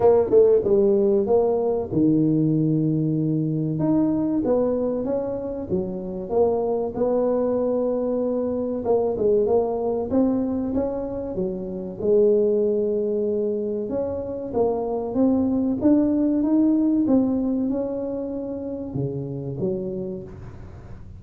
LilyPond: \new Staff \with { instrumentName = "tuba" } { \time 4/4 \tempo 4 = 95 ais8 a8 g4 ais4 dis4~ | dis2 dis'4 b4 | cis'4 fis4 ais4 b4~ | b2 ais8 gis8 ais4 |
c'4 cis'4 fis4 gis4~ | gis2 cis'4 ais4 | c'4 d'4 dis'4 c'4 | cis'2 cis4 fis4 | }